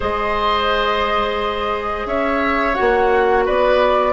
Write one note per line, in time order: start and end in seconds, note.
0.00 2.05 G#3
0.00 2.73 G#4
0.00 2.07 C5
0.00 2.07 D#5
2.05 2.74 C#4
2.05 3.45 C#5
2.05 2.74 E5
2.74 4.12 F#4
2.74 3.43 F#5
2.80 3.48 A#3
3.45 4.12 B3
3.45 4.12 B4
3.45 4.12 D5